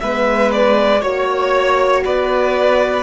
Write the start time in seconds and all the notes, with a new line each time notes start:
0.00 G#3 B3 B4 E5
0.52 D5
1.01 A#3 F#4 C#5
2.05 B3 B4 D5